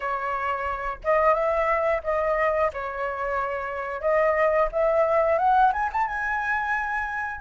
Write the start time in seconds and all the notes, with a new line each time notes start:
0.00 C#5
1.04 D#5
1.33 E5
2.03 D#5
2.73 C#5
4.01 D#5
4.72 E5
5.38 F#5
5.72 G#5
5.92 A5
6.07 G#5